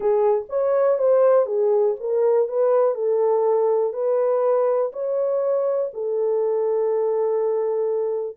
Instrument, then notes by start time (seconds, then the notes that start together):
horn
0.00 G#4
0.49 C#5
0.98 C5
1.46 G#4
2.00 A#4
2.48 B4
2.94 A4
3.93 B4
4.92 C#5
5.93 A4